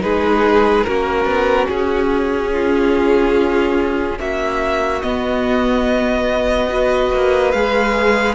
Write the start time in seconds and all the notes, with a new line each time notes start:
0.00 G#3 D#4 G#4 B4
0.84 A#3 C#4 F#4 A#4
1.25 B3
1.69 C#4 G#4
2.52 F4
4.20 A#3 F#4 E5
5.02 B3 D#5
6.70 F#4 B4
7.13 A#3
7.52 G#3 G#4 F5